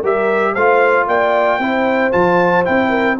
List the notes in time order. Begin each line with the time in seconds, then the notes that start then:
0.00 G3 G4 A#4 E5
0.54 A3 F4 C5 F5
1.08 A#3 D5 G5
1.59 C4 E4 C5
2.12 F3 F4 A5
2.65 C4 E4 G5
2.89 A#4